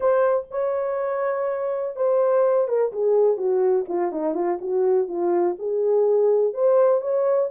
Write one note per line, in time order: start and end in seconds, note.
0.00 0.46 C5
0.50 1.96 C#5
1.96 2.67 C5
2.67 2.92 A#4
2.92 3.37 G#4
3.37 3.85 F#4
3.88 4.12 F4
4.12 4.34 D#4
4.34 4.58 F4
4.61 5.08 F#4
5.08 5.56 F4
5.58 6.53 G#4
6.53 7.01 C5
7.01 7.49 C#5